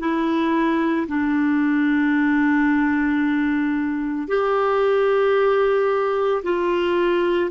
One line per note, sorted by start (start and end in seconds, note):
0.00 1.07 E4
1.08 4.28 D4
4.28 6.42 G4
6.44 7.51 F4